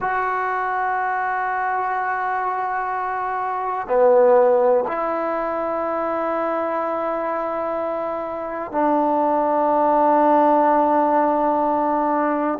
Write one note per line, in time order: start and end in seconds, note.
0.00 3.87 F#4
3.87 4.84 B3
4.87 8.71 E4
8.71 12.58 D4